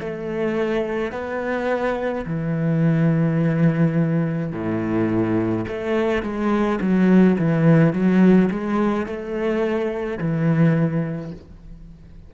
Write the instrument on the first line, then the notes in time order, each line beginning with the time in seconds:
cello
0.00 A3
1.12 B3
2.26 E3
4.52 A2
5.68 A3
6.23 G#3
6.81 F#3
7.38 E3
7.93 F#3
8.51 G#3
9.06 A3
10.18 E3